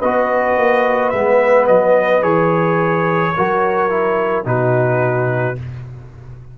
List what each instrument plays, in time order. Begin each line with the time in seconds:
0.00 tuba B3, trombone F#4, horn B4, trumpet D#5
0.57 tuba A#3
1.10 tuba G#3, trombone B3, trumpet E5
1.67 tuba F#3, trumpet D#5
2.22 tuba E3, trombone G#4, trumpet C#5
3.36 tuba F#3, trombone F#4, horn A#4
3.90 trombone E4
4.45 tuba B2, trombone D#4, horn F#4, trumpet B4